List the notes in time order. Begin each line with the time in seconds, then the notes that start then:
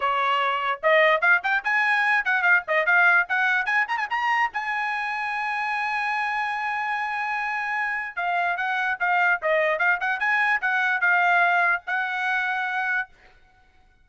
0.00 C#5
0.82 D#5
1.21 F5
1.43 G5
1.63 G#5
2.24 F#5
2.42 F5
2.67 D#5
2.86 F5
3.28 F#5
3.65 G#5
3.88 A#5
3.97 G#5
4.10 A#5
4.53 G#5
8.16 F5
8.56 F#5
8.99 F5
9.42 D#5
9.78 F5
10.00 F#5
10.19 G#5
10.61 F#5
11.01 F5
11.86 F#5